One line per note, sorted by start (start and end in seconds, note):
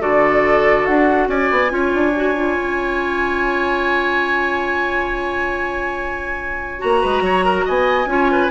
0.00 0.87 D3
0.00 1.70 F#4
0.00 1.28 A4
0.00 0.85 D5
0.85 1.28 D4
0.85 1.28 F#5
1.28 1.49 C#4
1.28 1.72 D5
1.28 6.81 G#5
1.51 1.71 B3
1.70 1.92 C#4
1.70 2.12 F4
1.70 7.01 C#5
1.94 2.58 D4
2.16 2.34 F#4
2.34 6.79 F4
2.58 6.83 C#4
6.79 7.04 A#3
6.79 8.07 F#4
6.79 7.66 A#5
7.01 7.21 G#3
7.01 7.22 B4
7.21 7.64 F#3
7.21 7.45 C#5
7.45 7.65 A#4
7.65 8.06 B3
7.65 8.08 D#5
7.65 8.51 G#5
8.06 8.48 C#4
8.06 8.50 F4
8.06 8.32 C#5
8.32 8.51 B4